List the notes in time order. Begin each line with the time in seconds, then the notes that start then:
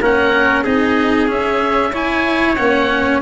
0.00 A#3 C#4 A#4 F#5
0.63 C4 D#4 G#4 D#5
1.27 C#4 E5
1.93 E4 C#5 G#5
2.56 A#3 C#4 F#5